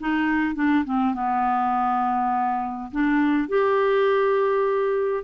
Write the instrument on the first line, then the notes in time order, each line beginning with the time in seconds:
clarinet
0.00 D#4
0.55 D4
0.85 C4
1.14 B3
2.91 D4
3.48 G4